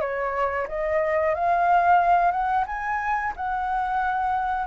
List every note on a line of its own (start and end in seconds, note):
0.00 0.67 C#5
0.67 1.34 D#5
1.34 2.31 F5
2.31 2.64 F#5
2.66 3.33 G#5
3.36 4.66 F#5